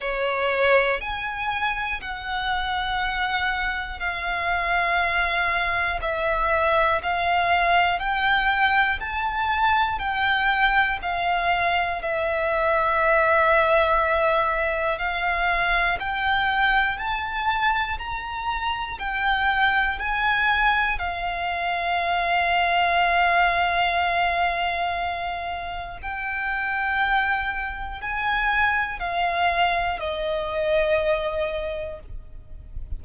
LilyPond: \new Staff \with { instrumentName = "violin" } { \time 4/4 \tempo 4 = 60 cis''4 gis''4 fis''2 | f''2 e''4 f''4 | g''4 a''4 g''4 f''4 | e''2. f''4 |
g''4 a''4 ais''4 g''4 | gis''4 f''2.~ | f''2 g''2 | gis''4 f''4 dis''2 | }